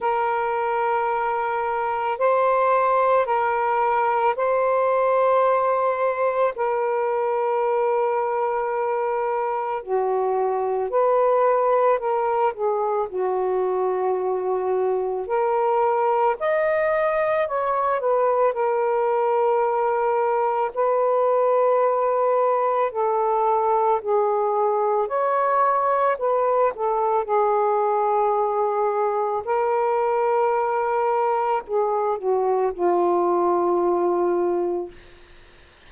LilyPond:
\new Staff \with { instrumentName = "saxophone" } { \time 4/4 \tempo 4 = 55 ais'2 c''4 ais'4 | c''2 ais'2~ | ais'4 fis'4 b'4 ais'8 gis'8 | fis'2 ais'4 dis''4 |
cis''8 b'8 ais'2 b'4~ | b'4 a'4 gis'4 cis''4 | b'8 a'8 gis'2 ais'4~ | ais'4 gis'8 fis'8 f'2 | }